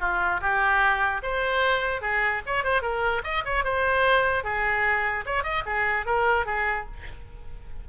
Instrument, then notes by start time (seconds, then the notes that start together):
oboe
0.00 F4
0.41 G4
1.22 C5
2.01 G#4
2.46 C#5
2.64 C5
2.81 A#4
3.23 D#5
3.44 C#5
3.64 C5
4.43 G#4
5.26 C#5
5.43 D#5
5.65 G#4
6.05 A#4
6.45 G#4